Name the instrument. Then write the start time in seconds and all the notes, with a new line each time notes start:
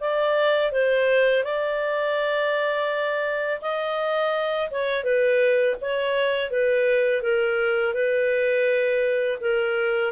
clarinet
0.00 D5
0.72 C5
1.44 D5
3.61 D#5
4.70 C#5
5.03 B4
5.81 C#5
6.50 B4
7.22 A#4
7.94 B4
9.40 A#4